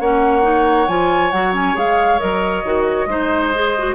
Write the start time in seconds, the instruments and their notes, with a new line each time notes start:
0.00 bassoon A#3, clarinet C#4, oboe C#5, flute F#5
0.43 clarinet D#4
0.88 bassoon F3, clarinet F4, flute G#5
1.31 bassoon F#3, clarinet F#4, flute F#5
1.53 clarinet C#4, flute G#5
1.75 bassoon G#3, clarinet G#4, flute F5
2.19 bassoon F#3, clarinet A#4, flute D#5
2.65 bassoon D#3, clarinet F#4
3.06 bassoon G#3, clarinet D#4, oboe C5
3.55 clarinet G#4
3.78 clarinet F#4